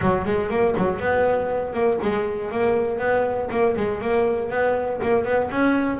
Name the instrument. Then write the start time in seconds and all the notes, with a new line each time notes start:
double bass
0.01 F#3
0.25 G#3
0.50 A#3
0.77 F#3
0.99 B3
1.73 A#3
2.02 G#3
2.51 A#3
2.98 B3
3.50 A#3
3.76 G#3
4.01 A#3
4.50 B3
5.02 A#3
5.24 B3
5.50 C#4